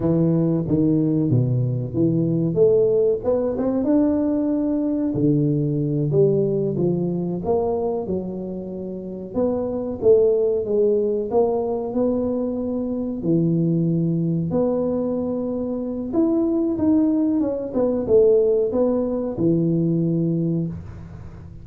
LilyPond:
\new Staff \with { instrumentName = "tuba" } { \time 4/4 \tempo 4 = 93 e4 dis4 b,4 e4 | a4 b8 c'8 d'2 | d4. g4 f4 ais8~ | ais8 fis2 b4 a8~ |
a8 gis4 ais4 b4.~ | b8 e2 b4.~ | b4 e'4 dis'4 cis'8 b8 | a4 b4 e2 | }